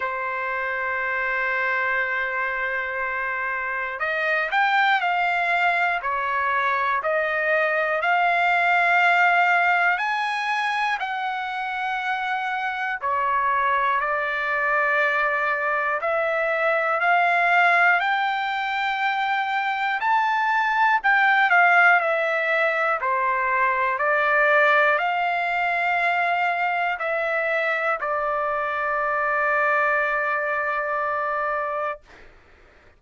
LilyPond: \new Staff \with { instrumentName = "trumpet" } { \time 4/4 \tempo 4 = 60 c''1 | dis''8 g''8 f''4 cis''4 dis''4 | f''2 gis''4 fis''4~ | fis''4 cis''4 d''2 |
e''4 f''4 g''2 | a''4 g''8 f''8 e''4 c''4 | d''4 f''2 e''4 | d''1 | }